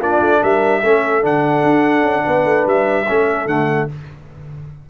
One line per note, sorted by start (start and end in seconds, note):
0.00 0.20 A#3
0.00 0.83 D4
0.00 0.41 F4
0.00 0.44 D5
0.21 0.41 A3
0.42 0.83 G3
0.42 0.83 A#4
0.42 1.25 E5
0.83 1.24 A3
0.83 1.23 C#4
0.83 2.25 A4
1.23 1.64 D3
1.23 3.06 D4
1.23 2.69 F#5
1.64 2.02 D4
2.02 2.23 C#4
2.25 2.45 B3
2.25 3.07 B4
2.45 2.65 A3
2.67 3.07 G3
2.67 3.48 E5
3.08 3.46 A3
3.08 3.48 C#4
3.08 3.90 A4
3.46 3.87 D3
3.46 3.89 A3
3.46 3.89 F#5